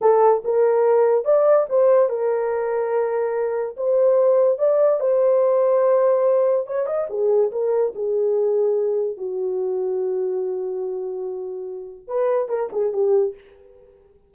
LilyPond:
\new Staff \with { instrumentName = "horn" } { \time 4/4 \tempo 4 = 144 a'4 ais'2 d''4 | c''4 ais'2.~ | ais'4 c''2 d''4 | c''1 |
cis''8 dis''8 gis'4 ais'4 gis'4~ | gis'2 fis'2~ | fis'1~ | fis'4 b'4 ais'8 gis'8 g'4 | }